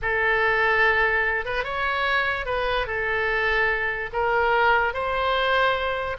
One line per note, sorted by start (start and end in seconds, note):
0.01 1.45 A4
1.45 1.64 B4
1.64 2.45 C#5
2.45 2.86 B4
2.86 4.10 A4
4.13 4.93 A#4
4.93 6.16 C5